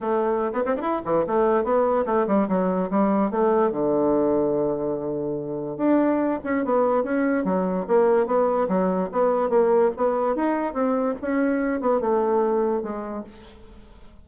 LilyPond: \new Staff \with { instrumentName = "bassoon" } { \time 4/4 \tempo 4 = 145 a4~ a16 b16 c'16 d'16 e'8 e8 a4 | b4 a8 g8 fis4 g4 | a4 d2.~ | d2 d'4. cis'8 |
b4 cis'4 fis4 ais4 | b4 fis4 b4 ais4 | b4 dis'4 c'4 cis'4~ | cis'8 b8 a2 gis4 | }